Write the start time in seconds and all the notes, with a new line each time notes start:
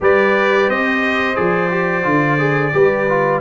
0.00 G3 G4 B4 D5
0.68 C4 C5 D#5
1.35 F3 G#4 D5
1.71 G4
2.03 D3 F4
2.38 G#4
2.72 G3 G4 B4
3.09 F4